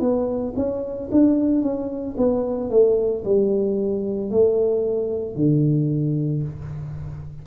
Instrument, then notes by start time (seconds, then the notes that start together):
tuba
0.00 B3
0.56 C#4
1.12 D4
1.62 C#4
2.18 B3
2.70 A3
3.25 G3
4.31 A3
5.36 D3